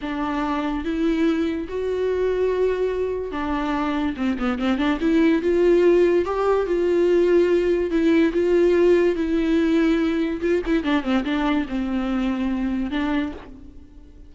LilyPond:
\new Staff \with { instrumentName = "viola" } { \time 4/4 \tempo 4 = 144 d'2 e'2 | fis'1 | d'2 c'8 b8 c'8 d'8 | e'4 f'2 g'4 |
f'2. e'4 | f'2 e'2~ | e'4 f'8 e'8 d'8 c'8 d'4 | c'2. d'4 | }